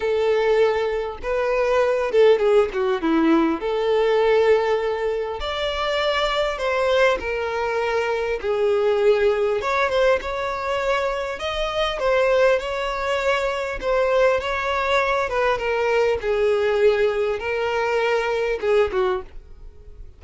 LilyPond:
\new Staff \with { instrumentName = "violin" } { \time 4/4 \tempo 4 = 100 a'2 b'4. a'8 | gis'8 fis'8 e'4 a'2~ | a'4 d''2 c''4 | ais'2 gis'2 |
cis''8 c''8 cis''2 dis''4 | c''4 cis''2 c''4 | cis''4. b'8 ais'4 gis'4~ | gis'4 ais'2 gis'8 fis'8 | }